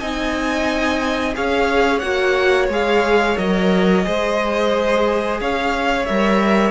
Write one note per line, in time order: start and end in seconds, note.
0.00 1.36 C4
0.00 1.34 D#4
0.00 1.35 D#5
0.00 1.35 G#5
1.34 2.03 C#4
1.34 2.01 G#4
1.34 4.06 C#5
1.34 1.99 F5
1.99 2.69 A#3
1.99 2.71 F#4
1.99 2.67 F#5
2.69 3.37 G#3
2.69 3.37 G#4
2.69 3.38 F5
3.37 4.06 F#3
3.37 4.04 A#4
3.37 5.40 D#5
4.04 5.41 G#3
4.04 6.06 G#4
4.04 5.41 C5
5.41 6.08 C#4
5.41 6.72 C#5
5.41 6.06 F5
6.06 6.72 G3
6.06 6.72 A#4
6.06 6.72 E5